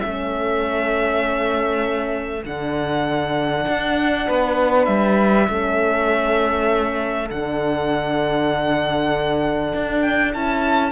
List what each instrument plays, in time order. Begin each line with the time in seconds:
0.00 cello A3, horn C#4, saxophone A4, violin E5
2.44 cello D3, horn D4, violin F#5
3.67 cello D4
4.26 cello B3, saxophone B4
4.85 cello G3, violin E5
5.47 cello A3, horn C#4, saxophone A4
7.30 cello D3, horn D4, violin F#5
9.74 cello D4
10.01 violin G5
10.31 cello C#4, horn E4, violin A5